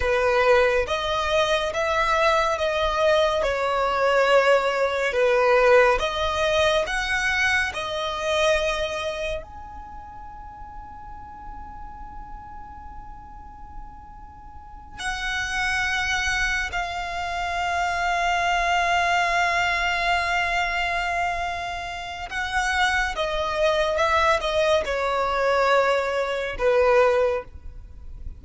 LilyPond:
\new Staff \with { instrumentName = "violin" } { \time 4/4 \tempo 4 = 70 b'4 dis''4 e''4 dis''4 | cis''2 b'4 dis''4 | fis''4 dis''2 gis''4~ | gis''1~ |
gis''4. fis''2 f''8~ | f''1~ | f''2 fis''4 dis''4 | e''8 dis''8 cis''2 b'4 | }